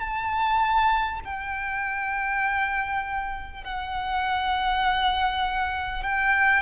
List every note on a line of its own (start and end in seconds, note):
0.00 1.20 A5
1.24 3.64 G5
3.64 6.03 F#5
6.03 6.62 G5